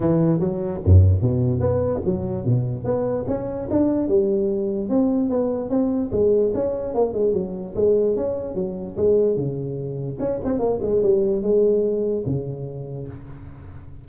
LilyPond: \new Staff \with { instrumentName = "tuba" } { \time 4/4 \tempo 4 = 147 e4 fis4 fis,4 b,4 | b4 fis4 b,4 b4 | cis'4 d'4 g2 | c'4 b4 c'4 gis4 |
cis'4 ais8 gis8 fis4 gis4 | cis'4 fis4 gis4 cis4~ | cis4 cis'8 c'8 ais8 gis8 g4 | gis2 cis2 | }